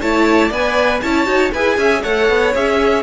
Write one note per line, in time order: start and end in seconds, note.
0.00 0.51 A3
0.00 0.53 E4
0.00 0.49 C#5
0.00 0.52 A5
0.49 1.01 B3
0.49 1.04 B4
0.49 0.99 D5
0.49 1.01 G#5
1.01 1.26 C#4
1.01 1.26 E4
1.01 1.53 C#5
1.01 1.51 A5
1.26 1.51 D#4
1.26 1.51 F#4
1.53 1.78 E4
1.53 2.03 G#4
1.53 1.78 B4
1.53 2.03 G#5
1.78 2.03 C#4
1.78 2.03 E5
2.03 2.30 A3
2.03 2.54 A4
2.03 3.03 C#5
2.03 2.53 F#5
2.30 2.55 B3
2.54 3.03 C#4
2.54 3.03 G#4
2.54 3.03 E5